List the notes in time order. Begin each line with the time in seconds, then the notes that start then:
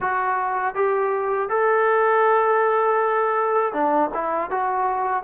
0.00 F#4
0.75 G4
1.49 A4
3.73 D4
4.14 E4
4.50 F#4